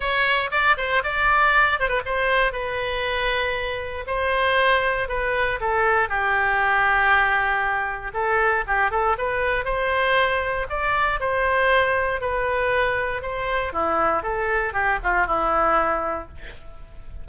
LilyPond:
\new Staff \with { instrumentName = "oboe" } { \time 4/4 \tempo 4 = 118 cis''4 d''8 c''8 d''4. c''16 b'16 | c''4 b'2. | c''2 b'4 a'4 | g'1 |
a'4 g'8 a'8 b'4 c''4~ | c''4 d''4 c''2 | b'2 c''4 e'4 | a'4 g'8 f'8 e'2 | }